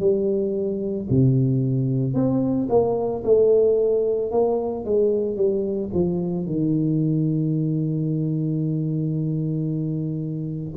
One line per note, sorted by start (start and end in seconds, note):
0.00 1.07 G3
1.10 2.14 C3
2.14 2.68 C4
2.70 3.23 A#3
3.24 4.31 A3
4.31 4.85 A#3
4.85 5.37 G#3
5.37 5.90 G3
5.94 6.46 F3
6.46 10.75 D#3